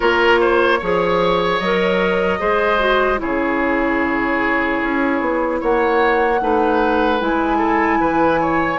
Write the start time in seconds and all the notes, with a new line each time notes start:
0.00 A#3 F4 A#4 C#5
0.41 C5
0.79 F3 G#4 C#5
1.59 F#3 A#4 D#5
2.39 G#3 G#4 C5
2.78 F#4
3.17 C#3 E4 G#4 C#5
4.82 C#4
5.20 B3
5.60 A#3 C#5 F#5
6.41 A3 D#4 B4
7.19 G#3 E4 G#5
7.57 A4
8.00 E3 B4
8.40 C#5